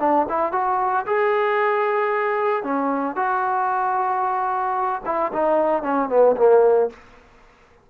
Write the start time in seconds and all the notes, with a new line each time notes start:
0.00 D4
0.30 E4
0.53 F#4
1.07 G#4
2.64 C#4
3.16 F#4
5.06 E4
5.33 D#4
5.83 C#4
6.10 B3
6.37 A#3